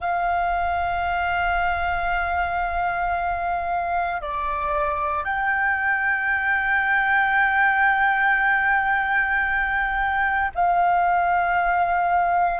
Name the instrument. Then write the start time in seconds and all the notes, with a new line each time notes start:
flute
0.00 F5
4.21 D5
5.24 G5
10.55 F5